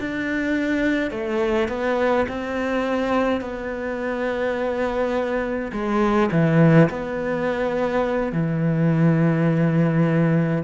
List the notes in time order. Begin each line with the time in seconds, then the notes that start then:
0.00 D4
1.11 A3
1.69 B3
2.29 C4
3.41 B3
5.73 G#3
6.32 E3
6.90 B3
8.33 E3